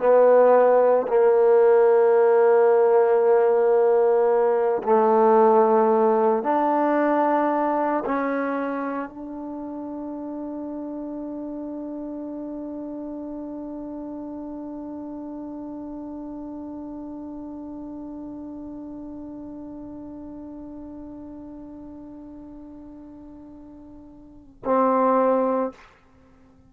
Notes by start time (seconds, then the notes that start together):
0.00 B3
1.08 A#3
4.84 A3
6.44 D4
8.06 C#4
9.10 D4
24.65 C4